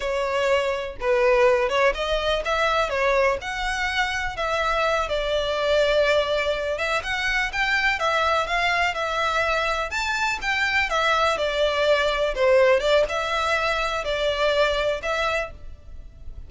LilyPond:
\new Staff \with { instrumentName = "violin" } { \time 4/4 \tempo 4 = 124 cis''2 b'4. cis''8 | dis''4 e''4 cis''4 fis''4~ | fis''4 e''4. d''4.~ | d''2 e''8 fis''4 g''8~ |
g''8 e''4 f''4 e''4.~ | e''8 a''4 g''4 e''4 d''8~ | d''4. c''4 d''8 e''4~ | e''4 d''2 e''4 | }